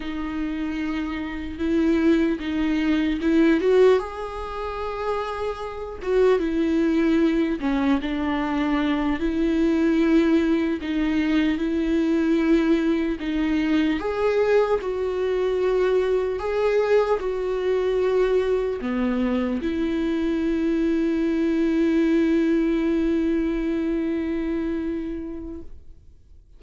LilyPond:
\new Staff \with { instrumentName = "viola" } { \time 4/4 \tempo 4 = 75 dis'2 e'4 dis'4 | e'8 fis'8 gis'2~ gis'8 fis'8 | e'4. cis'8 d'4. e'8~ | e'4. dis'4 e'4.~ |
e'8 dis'4 gis'4 fis'4.~ | fis'8 gis'4 fis'2 b8~ | b8 e'2.~ e'8~ | e'1 | }